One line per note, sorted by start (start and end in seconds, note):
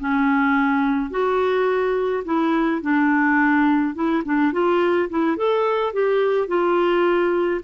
0.00 1.11 C#4
1.11 2.24 F#4
2.25 2.82 E4
2.82 3.95 D4
3.95 4.23 E4
4.25 4.53 D4
4.53 5.10 F4
5.10 5.37 E4
5.37 5.94 A4
5.94 6.48 G4
6.48 7.61 F4